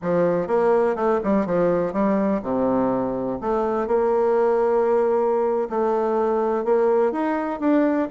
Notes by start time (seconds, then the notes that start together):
0.01 F3
0.47 A#3
0.95 A3
1.23 G3
1.46 F3
1.92 G3
2.42 C3
3.40 A3
3.87 A#3
5.69 A3
6.64 A#3
7.12 D#4
7.60 D4